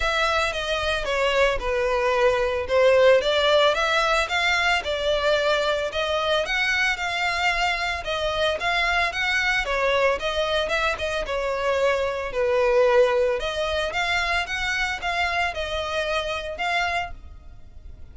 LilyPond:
\new Staff \with { instrumentName = "violin" } { \time 4/4 \tempo 4 = 112 e''4 dis''4 cis''4 b'4~ | b'4 c''4 d''4 e''4 | f''4 d''2 dis''4 | fis''4 f''2 dis''4 |
f''4 fis''4 cis''4 dis''4 | e''8 dis''8 cis''2 b'4~ | b'4 dis''4 f''4 fis''4 | f''4 dis''2 f''4 | }